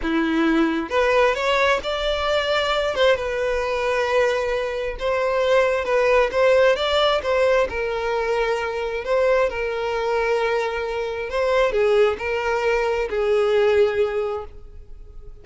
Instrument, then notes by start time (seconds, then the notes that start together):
violin
0.02 E4
0.89 B4
1.34 C#5
1.83 D5
2.95 C5
3.16 B4
4.99 C5
5.85 B4
6.31 C5
6.76 D5
7.22 C5
7.69 A#4
9.04 C5
9.49 A#4
11.29 C5
11.71 G#4
12.18 A#4
13.09 G#4